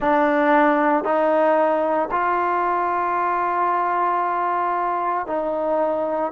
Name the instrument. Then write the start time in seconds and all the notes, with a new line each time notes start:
trombone
0.00 D4
1.04 D#4
2.11 F4
5.26 D#4